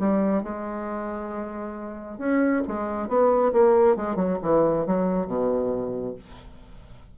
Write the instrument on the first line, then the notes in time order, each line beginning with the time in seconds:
bassoon
0.00 G3
0.44 G#3
2.19 C#4
2.68 G#3
3.09 B3
3.53 A#3
3.97 G#3
4.16 F#3
4.43 E3
4.87 F#3
5.27 B2